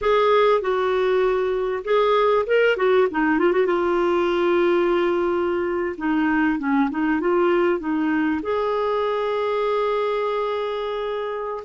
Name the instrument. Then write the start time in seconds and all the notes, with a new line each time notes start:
clarinet
0.01 G#4
0.61 F#4
1.84 G#4
2.46 A#4
2.76 F#4
3.10 D#4
3.38 F4
3.52 F#4
3.66 F4
5.97 D#4
6.58 C#4
6.90 D#4
7.20 F4
7.79 D#4
8.42 G#4